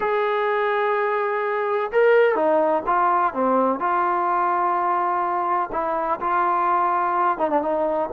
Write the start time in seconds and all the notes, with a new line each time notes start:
0.00 G#4
1.91 A#4
2.35 D#4
2.86 F4
3.33 C4
3.79 F4
5.71 E4
6.20 F4
7.38 D#4
7.50 D4
7.61 D#4